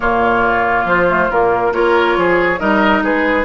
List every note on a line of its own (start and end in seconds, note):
0.00 0.85 A#2
0.00 1.07 A#3
0.00 1.73 F4
0.00 0.86 C#5
0.85 1.28 F3
0.85 1.30 C5
1.08 1.30 A3
1.30 1.72 A#2
1.30 1.73 A#3
1.30 1.73 A#4
1.72 2.15 A#3
1.72 2.59 F4
1.72 2.17 A#4
1.72 2.59 C#5
2.16 2.60 F3
2.16 2.60 G#4
2.59 3.02 G3
2.59 3.44 D#4
2.59 3.03 A#4
2.59 3.02 D#5
3.02 3.44 G#3
3.02 3.44 G#4
3.02 3.44 B4